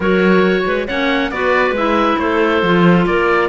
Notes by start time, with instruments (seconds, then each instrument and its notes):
0.00 cello F#3, clarinet F#4 A#4, oboe C#5
0.66 cello G#3, clarinet B4
0.87 cello A#3, clarinet C#4 C#5, oboe F#5
1.31 cello B3, clarinet F#4 B4, oboe D5
1.71 cello G#3, clarinet E4, oboe E5
2.18 cello A3, clarinet A4, oboe C5
2.62 cello F3, clarinet F4
3.06 cello A#3, clarinet A#4, oboe D5